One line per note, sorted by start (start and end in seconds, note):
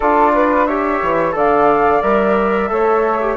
0.00 1.02 D4
0.00 0.68 F4
0.00 0.31 A4
0.00 0.65 D5
0.34 0.67 B4
0.65 1.32 G4
0.65 1.34 C#5
0.65 1.32 E5
1.02 1.35 E3
1.32 2.02 D3
1.32 1.99 A4
1.32 2.70 D5
1.32 2.02 F5
2.02 2.70 G3
2.02 2.69 A#4
2.02 3.37 E5
2.69 3.37 A3
2.69 3.19 A4
2.69 3.37 C#5
3.20 3.37 G4